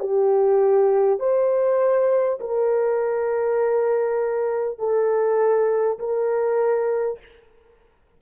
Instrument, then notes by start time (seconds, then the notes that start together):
horn
0.00 G4
1.19 C5
2.40 A#4
4.78 A4
5.99 A#4